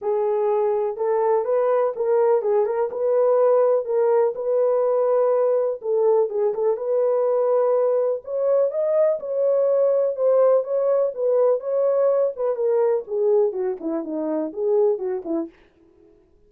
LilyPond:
\new Staff \with { instrumentName = "horn" } { \time 4/4 \tempo 4 = 124 gis'2 a'4 b'4 | ais'4 gis'8 ais'8 b'2 | ais'4 b'2. | a'4 gis'8 a'8 b'2~ |
b'4 cis''4 dis''4 cis''4~ | cis''4 c''4 cis''4 b'4 | cis''4. b'8 ais'4 gis'4 | fis'8 e'8 dis'4 gis'4 fis'8 e'8 | }